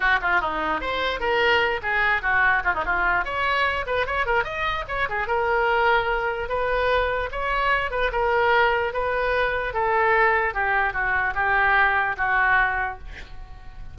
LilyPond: \new Staff \with { instrumentName = "oboe" } { \time 4/4 \tempo 4 = 148 fis'8 f'8 dis'4 c''4 ais'4~ | ais'8 gis'4 fis'4 f'16 dis'16 f'4 | cis''4. b'8 cis''8 ais'8 dis''4 | cis''8 gis'8 ais'2. |
b'2 cis''4. b'8 | ais'2 b'2 | a'2 g'4 fis'4 | g'2 fis'2 | }